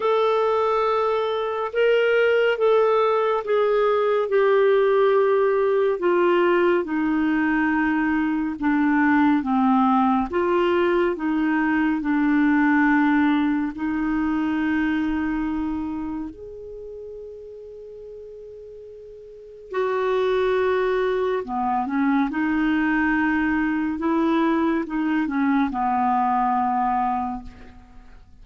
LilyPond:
\new Staff \with { instrumentName = "clarinet" } { \time 4/4 \tempo 4 = 70 a'2 ais'4 a'4 | gis'4 g'2 f'4 | dis'2 d'4 c'4 | f'4 dis'4 d'2 |
dis'2. gis'4~ | gis'2. fis'4~ | fis'4 b8 cis'8 dis'2 | e'4 dis'8 cis'8 b2 | }